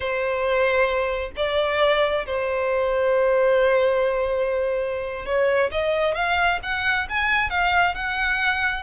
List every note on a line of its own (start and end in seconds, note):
0.00 1.31 C5
1.36 2.25 D5
2.26 5.25 C5
5.25 5.70 C#5
5.71 6.14 D#5
6.14 6.59 F5
6.62 7.07 F#5
7.09 7.50 G#5
7.50 7.94 F5
7.94 8.83 F#5